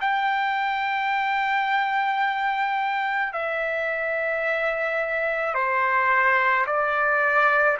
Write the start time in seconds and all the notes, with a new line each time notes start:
0.00 G5
3.32 E5
5.54 C5
6.66 D5